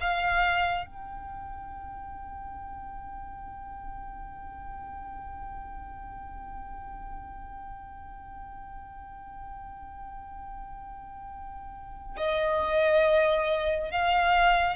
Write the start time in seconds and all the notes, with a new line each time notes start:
0.00 F5
0.85 G5
12.17 D#5
13.91 F5